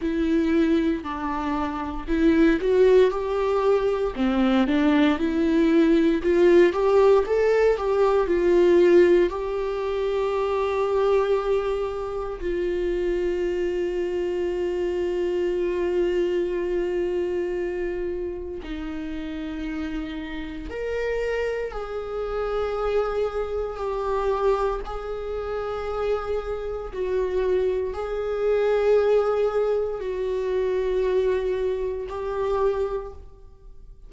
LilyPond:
\new Staff \with { instrumentName = "viola" } { \time 4/4 \tempo 4 = 58 e'4 d'4 e'8 fis'8 g'4 | c'8 d'8 e'4 f'8 g'8 a'8 g'8 | f'4 g'2. | f'1~ |
f'2 dis'2 | ais'4 gis'2 g'4 | gis'2 fis'4 gis'4~ | gis'4 fis'2 g'4 | }